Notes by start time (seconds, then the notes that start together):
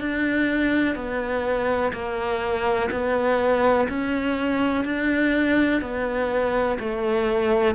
0.00 D4
0.95 B3
1.92 A#3
2.90 B3
3.88 C#4
4.84 D4
5.81 B3
6.79 A3